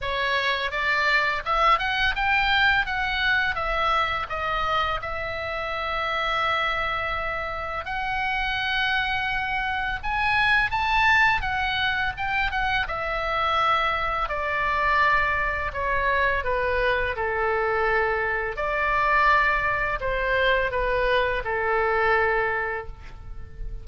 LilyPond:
\new Staff \with { instrumentName = "oboe" } { \time 4/4 \tempo 4 = 84 cis''4 d''4 e''8 fis''8 g''4 | fis''4 e''4 dis''4 e''4~ | e''2. fis''4~ | fis''2 gis''4 a''4 |
fis''4 g''8 fis''8 e''2 | d''2 cis''4 b'4 | a'2 d''2 | c''4 b'4 a'2 | }